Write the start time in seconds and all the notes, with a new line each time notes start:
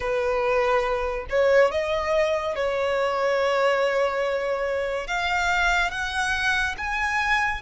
0.00 B4
1.29 C#5
1.71 D#5
2.55 C#5
5.07 F5
5.90 F#5
6.77 G#5